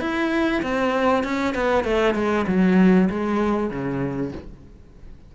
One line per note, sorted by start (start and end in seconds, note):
0.00 0.62 E4
0.62 1.23 C4
1.23 1.54 C#4
1.55 1.84 B3
1.84 2.15 A3
2.15 2.45 G#3
2.47 3.09 F#3
3.10 3.70 G#3
3.70 4.32 C#3